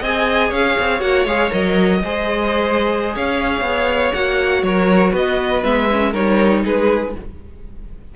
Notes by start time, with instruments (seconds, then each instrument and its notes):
0.00 cello C4, viola G#4, violin D#5 G#5
0.49 cello C#4, violin C#5 F5
0.79 cello C4
1.00 cello A#3, viola F#4, violin F#5
1.25 cello G#3, viola G#4, violin F5
1.50 cello F#3, viola A#4, violin D#5
2.03 cello G#3, viola G#4, violin C5
3.15 cello C#4, violin C#5 F5
3.61 cello B3
4.13 cello A#3, viola F#4, violin F#5
4.62 cello F#3, violin A#4 C#5
5.12 cello B3, violin B4 D#5
5.63 cello G#3, viola B3, violin E5
5.91 viola C#4
6.11 cello G3, viola D#4, violin A#4 C#5
6.65 cello G#3, violin G#4 B4